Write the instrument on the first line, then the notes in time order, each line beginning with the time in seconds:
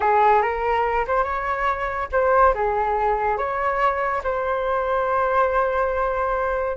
flute
0.00 G#4
0.42 A#4
1.07 C5
1.23 C#5
2.11 C5
2.54 G#4
3.37 C#5
4.23 C5